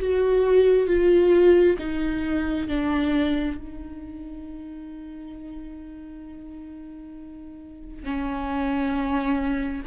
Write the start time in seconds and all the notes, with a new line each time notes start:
0.00 F#4
0.88 F4
1.78 D#4
2.68 D4
3.57 D#4
8.04 C#4